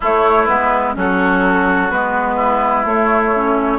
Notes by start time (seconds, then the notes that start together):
0.00 A3 E4 C#5
0.45 G#3 B3 B4
0.93 F#3 C#4 F#4 A4
1.90 G#3 B3 B4
2.35 E4
2.85 A3 C#5
3.35 C#4